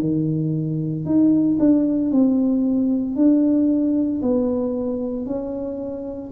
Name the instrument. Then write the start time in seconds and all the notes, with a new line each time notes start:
tuba
0.00 D#3
1.05 D#4
1.59 D4
2.11 C4
3.16 D4
4.22 B3
5.26 C#4